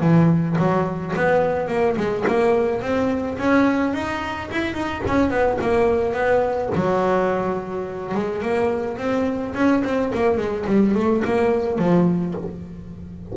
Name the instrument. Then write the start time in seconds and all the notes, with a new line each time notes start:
double bass
0.00 E3
0.58 F#3
1.16 B3
1.68 A#3
1.97 G#3
2.27 A#3
2.81 C4
3.38 C#4
3.93 D#4
4.51 E4
4.74 D#4
5.07 C#4
5.30 B3
5.61 A#3
6.13 B3
6.75 F#3
8.14 G#3
8.41 A#3
8.97 C4
9.54 C#4
9.84 C4
10.14 A#3
10.37 G#3
10.66 G3
10.94 A3
11.24 A#3
11.78 F3